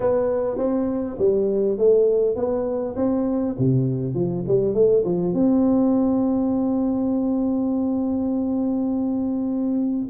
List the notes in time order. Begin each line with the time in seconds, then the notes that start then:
0.00 B3
0.57 C4
1.18 G3
1.77 A3
2.35 B3
2.96 C4
3.58 C3
4.14 F3
4.47 G3
4.74 A3
5.05 F3
5.33 C4